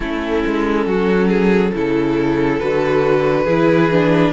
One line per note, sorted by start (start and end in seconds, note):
0.00 0.44 A3
0.00 1.74 C#4
0.00 0.87 E4
0.00 2.59 A4
0.46 0.86 G#3
0.86 1.72 F#3
0.86 1.28 F#4
1.28 1.71 G#4
1.73 2.60 C#3
1.73 2.60 E4
1.73 3.44 A4
2.59 3.45 D3
2.59 3.47 F#4
2.59 4.32 B4
3.44 4.32 E3
3.44 3.91 E4
3.44 4.31 G#4
3.91 4.32 D4